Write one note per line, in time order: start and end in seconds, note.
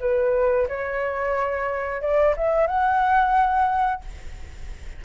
0.00 0.67 B4
0.68 2.01 C#5
2.01 2.35 D5
2.37 2.67 E5
2.67 4.02 F#5